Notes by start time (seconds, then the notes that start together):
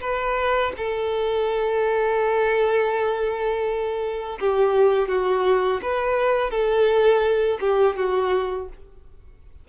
0.00 B4
0.77 A4
4.40 G4
5.08 F#4
5.82 B4
6.50 A4
7.60 G4
7.96 F#4